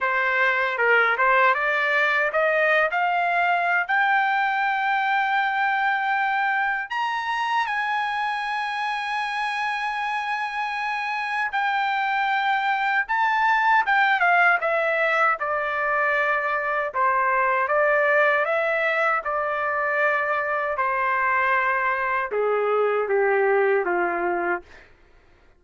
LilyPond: \new Staff \with { instrumentName = "trumpet" } { \time 4/4 \tempo 4 = 78 c''4 ais'8 c''8 d''4 dis''8. f''16~ | f''4 g''2.~ | g''4 ais''4 gis''2~ | gis''2. g''4~ |
g''4 a''4 g''8 f''8 e''4 | d''2 c''4 d''4 | e''4 d''2 c''4~ | c''4 gis'4 g'4 f'4 | }